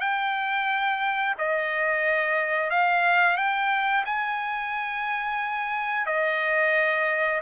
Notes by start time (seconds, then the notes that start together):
0.00 G5
1.38 D#5
2.70 F5
3.36 G5
4.05 G#5
6.06 D#5